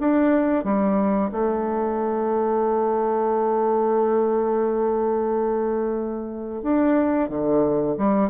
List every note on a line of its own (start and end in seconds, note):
0.00 0.64 D4
0.64 1.31 G3
1.32 6.63 A3
6.63 7.29 D4
7.29 7.96 D3
7.98 8.30 G3